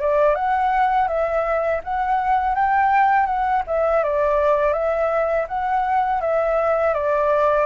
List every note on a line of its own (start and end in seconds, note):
0.00 0.35 D5
0.35 1.07 F#5
1.07 1.81 E5
1.83 2.55 F#5
2.55 3.26 G5
3.26 3.62 F#5
3.67 4.03 E5
4.03 4.72 D5
4.72 5.45 E5
5.47 6.20 F#5
6.21 6.93 E5
6.93 7.66 D5